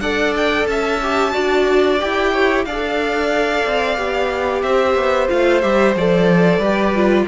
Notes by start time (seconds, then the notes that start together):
0.00 D4 A4 D5 F#5
0.36 G5
0.67 C#4 E5 A5
1.02 G4
1.32 D4 F#4 D5
1.99 E4 G4 G5
2.32 C#5
2.65 D4 A4 D5 F5
3.65 C4
3.98 B3 G4
4.62 C4 C5 E5
4.95 B3
5.28 A3 F4 F5
5.61 G3 G4 E5
5.96 F3 A4 D5
6.58 G3 G4 B4
6.95 F4